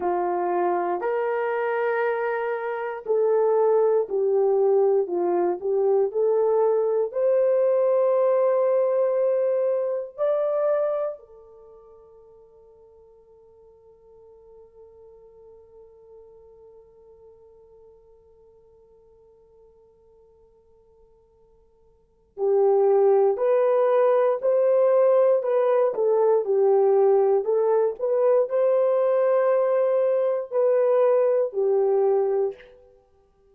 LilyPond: \new Staff \with { instrumentName = "horn" } { \time 4/4 \tempo 4 = 59 f'4 ais'2 a'4 | g'4 f'8 g'8 a'4 c''4~ | c''2 d''4 a'4~ | a'1~ |
a'1~ | a'2 g'4 b'4 | c''4 b'8 a'8 g'4 a'8 b'8 | c''2 b'4 g'4 | }